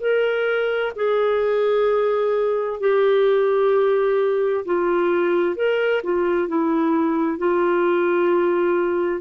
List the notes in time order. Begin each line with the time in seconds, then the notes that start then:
0.00 A#4
0.96 G#4
2.80 G4
4.65 F4
5.56 A#4
6.03 F4
6.48 E4
7.38 F4